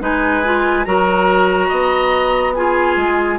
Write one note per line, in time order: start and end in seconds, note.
0.00 0.85 G#3
0.00 0.42 D#4
0.00 0.86 B4
0.00 0.84 G#5
0.44 0.85 F4
0.84 1.70 F#3
0.84 2.54 F#4
0.84 1.68 A#4
0.84 2.53 A#5
1.68 2.96 B3
1.68 2.52 D#5
2.54 3.38 F4
2.54 3.38 G#4
2.54 3.38 G#5
2.96 3.38 G#3